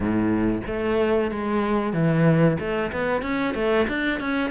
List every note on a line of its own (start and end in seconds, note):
0.00 0.62 A2
0.67 1.31 A3
1.31 1.93 G#3
1.93 2.57 E3
2.59 2.91 A3
2.92 3.22 B3
3.22 3.54 C#4
3.54 3.86 A3
3.87 4.19 D4
4.19 4.50 C#4